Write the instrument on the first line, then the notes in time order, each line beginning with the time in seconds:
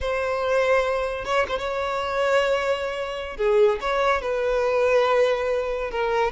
violin
0.00 C5
1.24 C#5
1.48 C5
1.58 C#5
3.36 G#4
3.80 C#5
4.21 B4
5.90 A#4